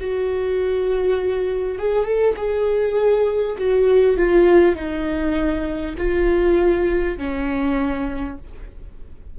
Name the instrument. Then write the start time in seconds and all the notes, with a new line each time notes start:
viola
0.00 F#4
1.79 G#4
2.05 A4
2.37 G#4
3.58 F#4
4.17 F4
4.76 D#4
5.98 F4
7.18 C#4